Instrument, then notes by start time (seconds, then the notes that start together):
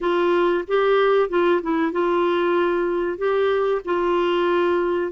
clarinet
0.00 F4
0.67 G4
1.29 F4
1.62 E4
1.91 F4
3.17 G4
3.84 F4